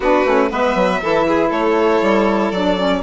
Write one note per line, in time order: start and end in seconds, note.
0.00 0.24 B3
0.00 0.25 D4
0.00 0.49 F#4
0.00 0.52 B4
0.25 0.50 A3
0.25 0.50 C#4
0.50 0.74 G#3
0.50 1.00 B3
0.50 1.01 B4
0.50 1.51 E5
0.74 1.00 F#3
1.01 1.50 E3
1.01 2.53 E4
1.01 1.26 A4
1.27 1.49 G#4
1.49 2.01 A3
1.49 3.00 A4
1.49 2.51 C#5
2.01 2.51 G3
2.51 3.02 F#3
2.51 2.77 D4
2.51 3.02 D5
2.77 3.02 C#4